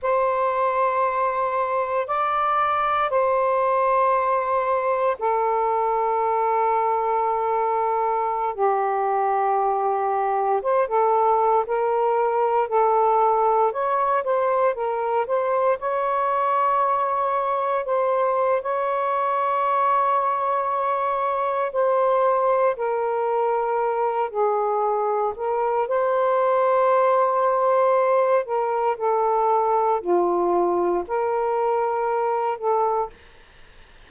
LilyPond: \new Staff \with { instrumentName = "saxophone" } { \time 4/4 \tempo 4 = 58 c''2 d''4 c''4~ | c''4 a'2.~ | a'16 g'2 c''16 a'8. ais'8.~ | ais'16 a'4 cis''8 c''8 ais'8 c''8 cis''8.~ |
cis''4~ cis''16 c''8. cis''2~ | cis''4 c''4 ais'4. gis'8~ | gis'8 ais'8 c''2~ c''8 ais'8 | a'4 f'4 ais'4. a'8 | }